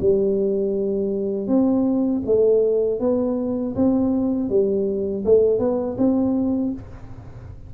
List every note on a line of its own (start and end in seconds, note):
0.00 1.47 G3
1.47 2.22 C4
2.26 3.00 A3
3.00 3.75 B3
3.75 4.49 C4
4.49 5.24 G3
5.25 5.59 A3
5.59 5.97 B3
5.98 6.73 C4